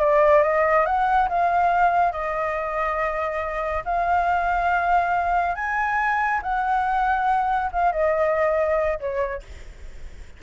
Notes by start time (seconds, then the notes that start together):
0.00 D5
0.42 D#5
0.86 F#5
1.29 F5
2.12 D#5
3.85 F5
5.55 G#5
6.42 F#5
7.72 F5
7.92 D#5
9.00 C#5